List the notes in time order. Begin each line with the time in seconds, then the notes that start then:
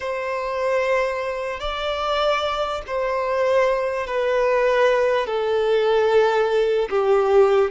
0.00 C5
1.60 D5
2.86 C5
4.06 B4
5.26 A4
6.89 G4